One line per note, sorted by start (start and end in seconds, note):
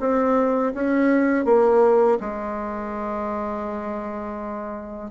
0.00 0.73 C4
0.74 1.45 C#4
1.45 2.18 A#3
2.20 5.11 G#3